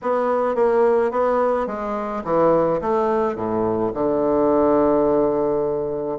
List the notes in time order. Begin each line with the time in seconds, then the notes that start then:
0.02 B3
0.55 A#3
1.11 B3
1.67 G#3
2.24 E3
2.81 A3
3.35 A2
3.94 D3